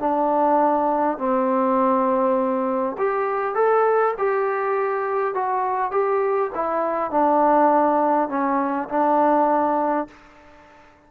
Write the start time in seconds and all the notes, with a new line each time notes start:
0.00 D4
1.19 C4
2.99 G4
3.55 A4
4.18 G4
5.35 F#4
5.92 G4
6.55 E4
7.11 D4
8.29 C#4
8.89 D4